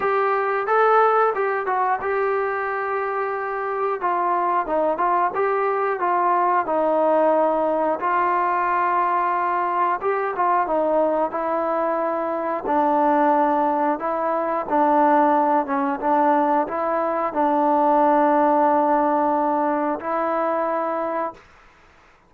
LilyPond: \new Staff \with { instrumentName = "trombone" } { \time 4/4 \tempo 4 = 90 g'4 a'4 g'8 fis'8 g'4~ | g'2 f'4 dis'8 f'8 | g'4 f'4 dis'2 | f'2. g'8 f'8 |
dis'4 e'2 d'4~ | d'4 e'4 d'4. cis'8 | d'4 e'4 d'2~ | d'2 e'2 | }